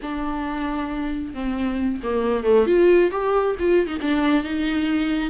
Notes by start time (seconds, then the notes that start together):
0.01 D4
1.34 C4
2.03 A#3
2.44 A3
2.66 F4
3.11 G4
3.59 F4
3.87 D#4
4.01 D4
4.43 D#4